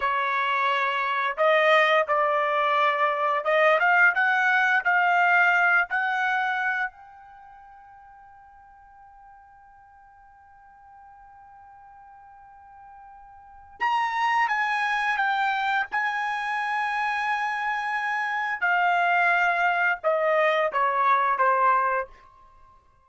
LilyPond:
\new Staff \with { instrumentName = "trumpet" } { \time 4/4 \tempo 4 = 87 cis''2 dis''4 d''4~ | d''4 dis''8 f''8 fis''4 f''4~ | f''8 fis''4. g''2~ | g''1~ |
g''1 | ais''4 gis''4 g''4 gis''4~ | gis''2. f''4~ | f''4 dis''4 cis''4 c''4 | }